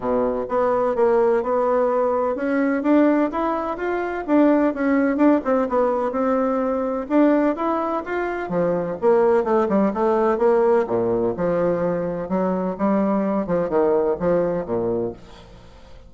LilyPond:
\new Staff \with { instrumentName = "bassoon" } { \time 4/4 \tempo 4 = 127 b,4 b4 ais4 b4~ | b4 cis'4 d'4 e'4 | f'4 d'4 cis'4 d'8 c'8 | b4 c'2 d'4 |
e'4 f'4 f4 ais4 | a8 g8 a4 ais4 ais,4 | f2 fis4 g4~ | g8 f8 dis4 f4 ais,4 | }